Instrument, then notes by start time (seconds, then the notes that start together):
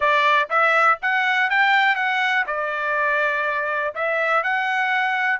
trumpet
0.00 D5
0.49 E5
1.01 F#5
1.50 G5
1.95 F#5
2.46 D5
3.95 E5
4.43 F#5